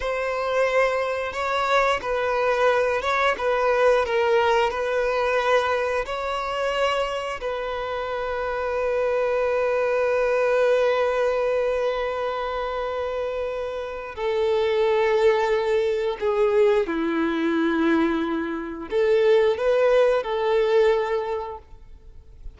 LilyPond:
\new Staff \with { instrumentName = "violin" } { \time 4/4 \tempo 4 = 89 c''2 cis''4 b'4~ | b'8 cis''8 b'4 ais'4 b'4~ | b'4 cis''2 b'4~ | b'1~ |
b'1~ | b'4 a'2. | gis'4 e'2. | a'4 b'4 a'2 | }